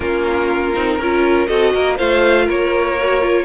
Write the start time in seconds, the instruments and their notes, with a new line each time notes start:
0.00 cello A#3, viola C#4, violin F4 A#4
0.74 cello C4, viola D#4
0.98 cello C#4, viola F4, violin A#4
1.46 cello C4, viola F#4, violin A4 D#5
1.73 cello A#3, violin A#4
1.97 cello A3, viola F4, violin C5 F5
2.45 cello A#3, violin A#4 C#5
2.99 viola F#4
3.20 viola F4